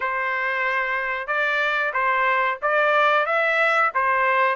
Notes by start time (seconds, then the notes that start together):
0.00 C5
1.27 D5
1.93 C5
2.61 D5
3.25 E5
3.94 C5